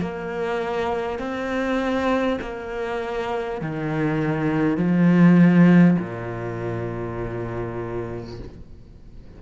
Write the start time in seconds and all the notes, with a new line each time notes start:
0.00 A#3
1.18 C4
2.41 A#3
3.61 D#3
4.77 F3
5.99 A#2